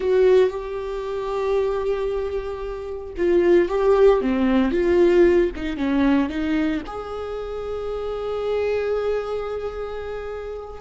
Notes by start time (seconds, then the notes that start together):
0.00 F#4
0.50 G4
3.17 F4
3.68 G4
4.21 C4
4.71 F4
5.55 D#4
5.77 C#4
6.29 D#4
6.86 G#4